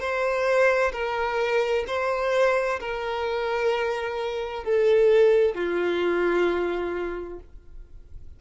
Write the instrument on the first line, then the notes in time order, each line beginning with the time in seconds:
violin
0.00 C5
0.93 A#4
1.88 C5
2.80 A#4
4.64 A4
5.55 F4